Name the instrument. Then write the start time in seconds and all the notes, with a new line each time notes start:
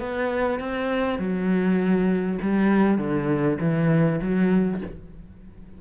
cello
0.00 B3
0.60 C4
1.19 F#3
2.42 G3
2.99 D3
3.61 E3
4.22 F#3